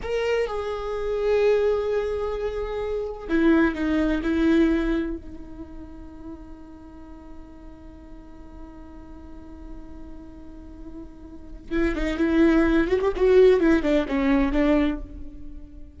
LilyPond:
\new Staff \with { instrumentName = "viola" } { \time 4/4 \tempo 4 = 128 ais'4 gis'2.~ | gis'2. e'4 | dis'4 e'2 dis'4~ | dis'1~ |
dis'1~ | dis'1~ | dis'4 e'8 dis'8 e'4. fis'16 g'16 | fis'4 e'8 d'8 cis'4 d'4 | }